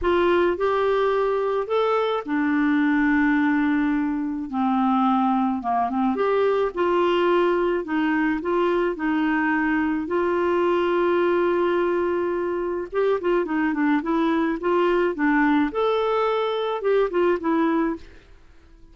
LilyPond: \new Staff \with { instrumentName = "clarinet" } { \time 4/4 \tempo 4 = 107 f'4 g'2 a'4 | d'1 | c'2 ais8 c'8 g'4 | f'2 dis'4 f'4 |
dis'2 f'2~ | f'2. g'8 f'8 | dis'8 d'8 e'4 f'4 d'4 | a'2 g'8 f'8 e'4 | }